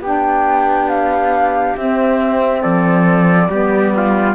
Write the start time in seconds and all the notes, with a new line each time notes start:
0.00 B3 D4 G4 G5
0.88 F5
1.76 C4 E5
2.61 F3 A4 D5
3.48 G3 B3 G4
3.96 F4